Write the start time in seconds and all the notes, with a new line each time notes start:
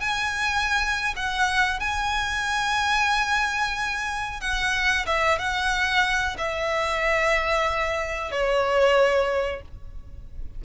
0.00 G#5
1.16 F#5
1.79 G#5
4.40 F#5
5.06 E5
5.38 F#5
6.37 E5
8.31 C#5